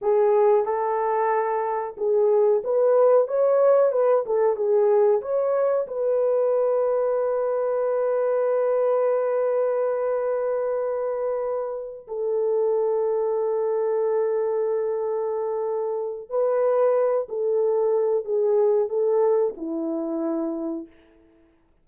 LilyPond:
\new Staff \with { instrumentName = "horn" } { \time 4/4 \tempo 4 = 92 gis'4 a'2 gis'4 | b'4 cis''4 b'8 a'8 gis'4 | cis''4 b'2.~ | b'1~ |
b'2~ b'8 a'4.~ | a'1~ | a'4 b'4. a'4. | gis'4 a'4 e'2 | }